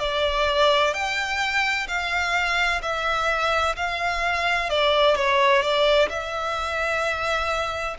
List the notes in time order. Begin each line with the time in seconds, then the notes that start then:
0.00 D5
0.94 G5
1.87 F5
2.82 E5
3.76 F5
4.70 D5
5.16 C#5
5.62 D5
6.09 E5